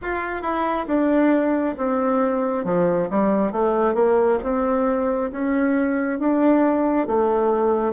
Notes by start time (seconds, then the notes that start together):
0.01 F4
0.42 E4
0.87 D4
1.77 C4
2.64 F3
3.10 G3
3.52 A3
3.94 A#3
4.43 C4
5.31 C#4
6.19 D4
7.07 A3